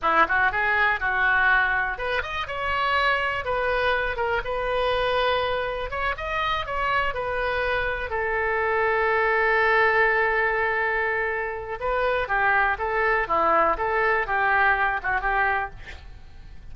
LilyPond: \new Staff \with { instrumentName = "oboe" } { \time 4/4 \tempo 4 = 122 e'8 fis'8 gis'4 fis'2 | b'8 dis''8 cis''2 b'4~ | b'8 ais'8 b'2. | cis''8 dis''4 cis''4 b'4.~ |
b'8 a'2.~ a'8~ | a'1 | b'4 g'4 a'4 e'4 | a'4 g'4. fis'8 g'4 | }